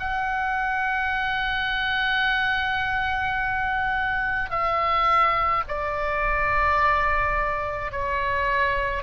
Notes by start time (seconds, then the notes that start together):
0.00 F#5
4.51 E5
5.69 D5
7.92 C#5